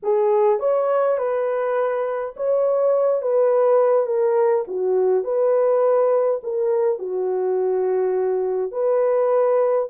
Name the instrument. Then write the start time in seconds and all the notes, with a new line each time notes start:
horn
0.02 G#4
0.59 C#5
1.18 B4
2.36 C#5
3.21 B4
4.06 A#4
4.67 F#4
5.24 B4
6.43 A#4
6.98 F#4
8.71 B4